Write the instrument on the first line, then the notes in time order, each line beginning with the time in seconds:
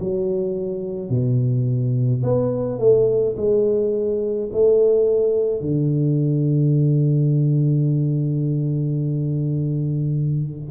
tuba
0.00 F#3
1.10 B2
2.24 B3
2.79 A3
3.38 G#3
4.53 A3
5.61 D3